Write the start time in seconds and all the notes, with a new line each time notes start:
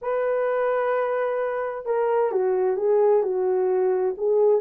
0.01 B4
1.85 A#4
2.31 F#4
2.76 G#4
3.22 F#4
4.17 G#4